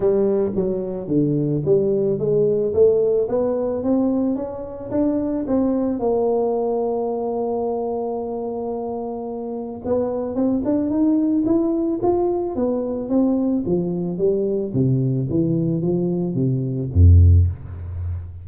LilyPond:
\new Staff \with { instrumentName = "tuba" } { \time 4/4 \tempo 4 = 110 g4 fis4 d4 g4 | gis4 a4 b4 c'4 | cis'4 d'4 c'4 ais4~ | ais1~ |
ais2 b4 c'8 d'8 | dis'4 e'4 f'4 b4 | c'4 f4 g4 c4 | e4 f4 c4 f,4 | }